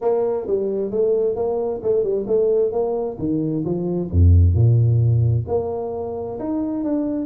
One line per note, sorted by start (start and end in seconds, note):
0.01 0.46 A#3
0.46 0.90 G3
0.90 1.35 A3
1.35 1.81 A#3
1.82 2.03 A3
2.03 2.26 G3
2.27 2.71 A3
2.71 3.17 A#3
3.19 3.64 D#3
3.64 4.10 F3
4.11 4.54 F2
4.54 5.45 A#2
5.47 6.38 A#3
6.39 6.84 D#4
6.84 7.25 D4